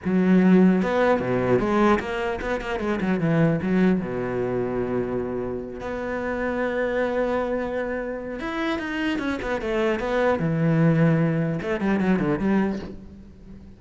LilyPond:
\new Staff \with { instrumentName = "cello" } { \time 4/4 \tempo 4 = 150 fis2 b4 b,4 | gis4 ais4 b8 ais8 gis8 fis8 | e4 fis4 b,2~ | b,2~ b,8 b4.~ |
b1~ | b4 e'4 dis'4 cis'8 b8 | a4 b4 e2~ | e4 a8 g8 fis8 d8 g4 | }